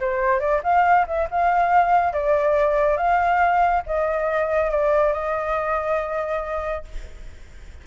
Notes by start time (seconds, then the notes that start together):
0.00 C5
0.40 D5
0.63 F5
1.07 E5
1.31 F5
2.13 D5
2.97 F5
3.86 D#5
4.70 D5
5.13 D#5